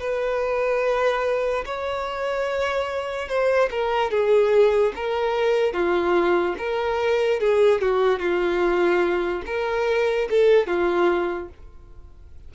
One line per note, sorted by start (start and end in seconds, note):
0.00 1.64 B4
1.66 3.28 C#5
3.28 3.69 C5
3.71 4.11 A#4
4.11 4.93 G#4
4.96 5.73 A#4
5.73 6.56 F4
6.58 7.40 A#4
7.40 7.81 G#4
7.82 8.19 F#4
8.19 9.43 F4
9.46 10.29 A#4
10.30 10.67 A4
10.67 11.49 F4